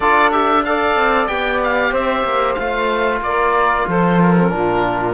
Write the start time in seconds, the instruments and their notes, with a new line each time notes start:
0.00 cello D4, trombone F4, saxophone A4, oboe D5
0.31 trombone G4, oboe E5
0.64 trombone A4, saxophone D5, oboe F5
0.95 cello C4
1.27 cello B3, trombone G4, oboe G5
1.63 oboe F5
1.90 cello C4, saxophone C5, oboe E5
2.23 cello A#3
2.54 cello A3, trombone F4, oboe F5
3.20 cello A#3, saxophone A#4, oboe D5
3.87 cello F3, saxophone A4, oboe C5
4.22 oboe A#4
4.38 trombone C4
4.49 cello A#2, trombone D4, saxophone F4